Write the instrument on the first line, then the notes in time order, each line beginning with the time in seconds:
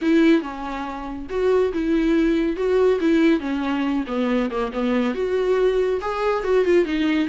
viola
0.01 E4
0.41 C#4
1.29 F#4
1.73 E4
2.56 F#4
3.00 E4
3.40 C#4
4.07 B3
4.50 A#3
4.72 B3
5.14 F#4
6.01 G#4
6.43 F#4
6.64 F4
6.85 D#4